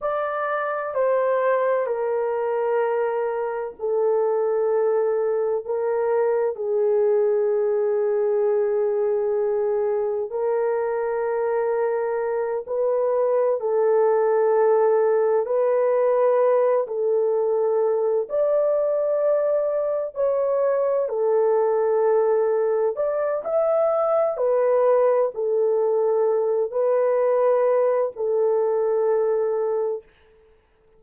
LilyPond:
\new Staff \with { instrumentName = "horn" } { \time 4/4 \tempo 4 = 64 d''4 c''4 ais'2 | a'2 ais'4 gis'4~ | gis'2. ais'4~ | ais'4. b'4 a'4.~ |
a'8 b'4. a'4. d''8~ | d''4. cis''4 a'4.~ | a'8 d''8 e''4 b'4 a'4~ | a'8 b'4. a'2 | }